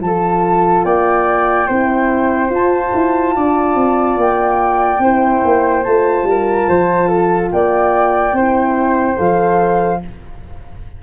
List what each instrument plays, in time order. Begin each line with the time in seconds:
0.00 tuba F3, horn F4, flute A4 A5
0.84 tuba A#3, flute D5 G5
1.67 tuba C4, horn E4, flute C5
2.49 tuba F4, horn F4, flute A5
2.94 tuba E4
3.35 tuba D4, flute D5
3.74 tuba C4
4.16 tuba A#3, flute G5
4.99 tuba C4, horn E4, flute C5
5.44 tuba A#3
5.83 tuba A3, horn F4, flute A5
6.23 tuba G3, flute A#4
6.68 tuba F3, flute C5
7.08 flute A4
7.51 tuba A#3, flute D5 G5
8.32 tuba C4, horn E4, flute C5
9.16 tuba F3, horn A4, flute F5